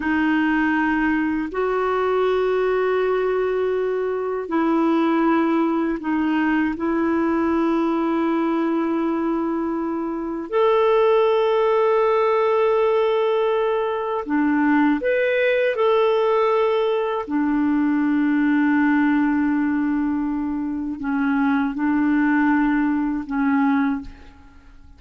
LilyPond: \new Staff \with { instrumentName = "clarinet" } { \time 4/4 \tempo 4 = 80 dis'2 fis'2~ | fis'2 e'2 | dis'4 e'2.~ | e'2 a'2~ |
a'2. d'4 | b'4 a'2 d'4~ | d'1 | cis'4 d'2 cis'4 | }